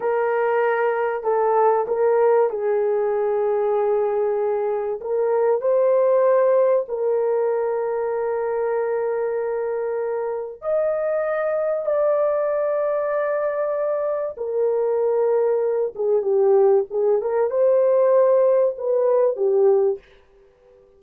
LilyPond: \new Staff \with { instrumentName = "horn" } { \time 4/4 \tempo 4 = 96 ais'2 a'4 ais'4 | gis'1 | ais'4 c''2 ais'4~ | ais'1~ |
ais'4 dis''2 d''4~ | d''2. ais'4~ | ais'4. gis'8 g'4 gis'8 ais'8 | c''2 b'4 g'4 | }